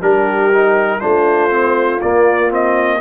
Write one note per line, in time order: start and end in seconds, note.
0.00 1.01 G3
0.00 0.51 D4
0.00 1.00 G4
0.00 1.00 A#4
0.52 1.00 D#4
1.00 2.02 A3
1.00 1.50 D4
1.00 3.00 F4
1.00 2.00 C5
1.50 2.00 C4
2.01 2.49 A#3
2.01 3.00 A#3
2.01 2.51 D5
2.49 2.99 C4
2.49 3.00 D#5